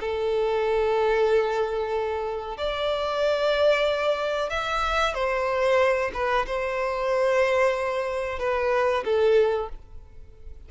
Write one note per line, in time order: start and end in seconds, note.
0.00 2.57 A4
2.57 4.50 D5
4.50 5.14 E5
5.14 6.11 C5
6.13 6.46 B4
6.46 8.39 C5
8.39 9.04 B4
9.04 9.69 A4